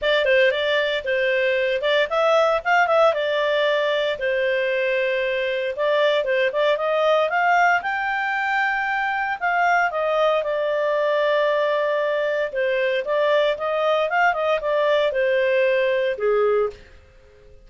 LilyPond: \new Staff \with { instrumentName = "clarinet" } { \time 4/4 \tempo 4 = 115 d''8 c''8 d''4 c''4. d''8 | e''4 f''8 e''8 d''2 | c''2. d''4 | c''8 d''8 dis''4 f''4 g''4~ |
g''2 f''4 dis''4 | d''1 | c''4 d''4 dis''4 f''8 dis''8 | d''4 c''2 gis'4 | }